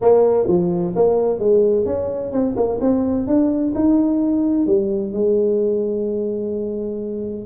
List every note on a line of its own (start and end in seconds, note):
0.01 0.47 A#3
0.47 0.94 F3
0.95 1.39 A#3
1.39 1.85 G#3
1.85 2.32 C#4
2.32 2.55 C4
2.56 2.79 A#3
2.80 3.27 C4
3.27 3.73 D4
3.74 4.66 D#4
4.66 5.12 G3
5.12 7.45 G#3